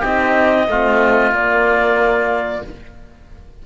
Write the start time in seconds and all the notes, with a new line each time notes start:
0.00 C4 D#4 G4 D#5
0.68 A3 C4 F4
1.32 A#3 D5